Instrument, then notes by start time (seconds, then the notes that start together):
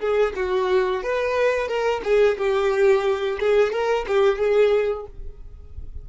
violin
0.00 G#4
0.36 F#4
1.03 B4
1.68 A#4
2.04 G#4
2.38 G4
3.40 G#4
3.72 A#4
4.07 G4
4.39 G#4